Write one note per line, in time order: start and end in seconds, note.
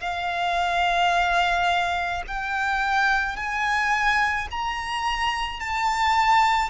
0.00 2.22 F5
2.27 3.36 G5
3.36 4.47 G#5
4.51 5.60 A#5
5.60 6.70 A5